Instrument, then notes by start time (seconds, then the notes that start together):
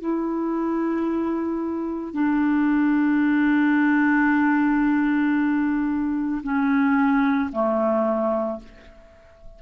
clarinet
0.00 E4
2.13 D4
6.43 C#4
7.52 A3